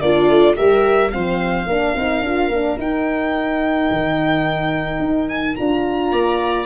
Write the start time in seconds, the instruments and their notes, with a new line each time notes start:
0.00 tuba A#3, horn D4, viola F4, violin D5
0.28 tuba A3
0.54 tuba G3, horn G4, viola A#4, violin E5
1.10 tuba F3, horn C4, viola C5, violin F5
1.66 tuba A#3, horn D4, viola A#4
1.95 tuba C4, horn D#4
2.21 tuba D4, horn F4
2.49 tuba A#3, horn D4
2.78 tuba D#4, horn D#4, violin G5
3.91 tuba D#3
4.99 tuba D#4
5.28 violin G#5
5.55 tuba D4, horn F4, violin A#5
6.12 tuba A#3, viola D5